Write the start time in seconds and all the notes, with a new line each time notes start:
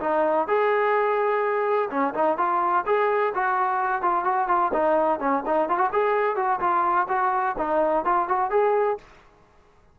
0.00 D#4
0.47 G#4
1.90 C#4
2.14 D#4
2.38 F4
2.86 G#4
3.34 F#4
4.02 F4
4.24 F#4
4.48 F4
4.73 D#4
5.19 C#4
5.46 D#4
5.69 F4
5.78 F#4
5.92 G#4
6.36 F#4
6.60 F4
7.08 F#4
7.58 D#4
8.05 F4
8.28 F#4
8.50 G#4